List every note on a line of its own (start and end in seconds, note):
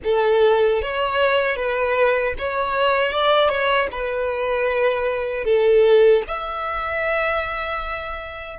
0.04 0.82 A4
0.82 1.56 C#5
1.56 2.34 B4
2.38 3.12 C#5
3.12 3.49 D5
3.49 3.87 C#5
3.91 5.44 B4
5.44 6.22 A4
6.27 8.59 E5